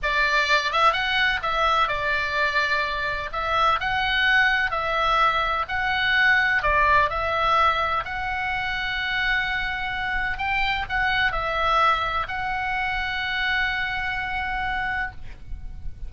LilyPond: \new Staff \with { instrumentName = "oboe" } { \time 4/4 \tempo 4 = 127 d''4. e''8 fis''4 e''4 | d''2. e''4 | fis''2 e''2 | fis''2 d''4 e''4~ |
e''4 fis''2.~ | fis''2 g''4 fis''4 | e''2 fis''2~ | fis''1 | }